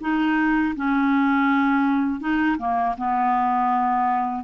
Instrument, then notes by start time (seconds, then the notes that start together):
clarinet
0.00 D#4
0.75 C#4
2.20 D#4
2.58 A#3
2.97 B3